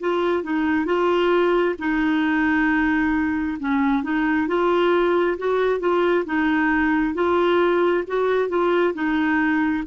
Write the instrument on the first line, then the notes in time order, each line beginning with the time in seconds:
clarinet
0.00 F4
0.43 D#4
0.85 F4
1.78 D#4
3.59 C#4
4.03 D#4
4.47 F4
5.38 F#4
5.79 F4
6.25 D#4
7.14 F4
8.07 F#4
8.49 F4
8.94 D#4